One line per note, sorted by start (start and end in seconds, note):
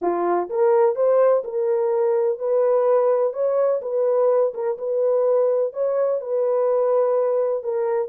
0.01 0.49 F4
0.49 0.95 A#4
0.95 1.43 C5
1.44 2.38 A#4
2.38 3.33 B4
3.33 3.81 C#5
3.81 4.53 B4
4.54 4.77 A#4
4.78 5.73 B4
5.73 6.20 C#5
6.21 7.63 B4
7.63 8.08 A#4